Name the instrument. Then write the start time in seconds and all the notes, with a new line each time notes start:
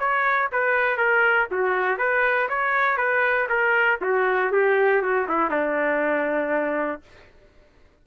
trumpet
0.00 C#5
0.52 B4
0.98 A#4
1.51 F#4
1.98 B4
2.49 C#5
2.97 B4
3.49 A#4
4.02 F#4
4.52 G4
5.02 F#4
5.29 E4
5.51 D4